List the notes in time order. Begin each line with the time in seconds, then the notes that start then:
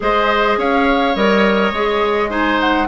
0.00 G#3 G#4 C5 D#5
0.57 C#4 C#5 F5
1.15 G3 A#4 D#5
1.72 G#3 G#4
2.28 D#4 C5 G#5
2.59 F#5